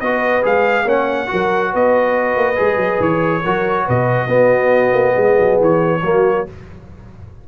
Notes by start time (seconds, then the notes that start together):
0.00 B3 F#4 B4 D#5
0.42 G#3 G#4 F5
0.85 A#3 C#4 C#5 F#5
1.26 F#4 A#4
1.32 F#3
1.71 B3 B4 D#5
2.36 A#3
2.56 G#3 G#4
2.77 F#3
2.99 E3 C#5
3.43 F#3 F#4 A#4
3.85 B2 B4 D#5
4.27 B3 F#4
4.92 A#3
5.14 G#3 G#4
5.39 F#3
5.60 E3 C#5
6.02 F#3 A#3 F#4